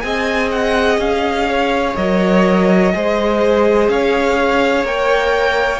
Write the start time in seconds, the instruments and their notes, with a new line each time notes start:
0.00 cello C4, viola G#4, violin D#5 G#5
0.51 violin F#5
0.98 cello C#4, violin F5
1.49 violin C#5
1.96 cello F#3, viola A#4, violin D#5
2.93 cello G#3, viola G#4, violin C5
3.89 cello C#4, violin C#5 F5
4.84 cello A#3, viola A#4, violin G5